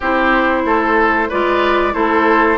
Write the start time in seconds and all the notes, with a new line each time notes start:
0.00 C4 E4 G4 C5
0.64 A3 A4
1.28 G#3 F4 B4 D5
1.92 A3 E4 A4 C5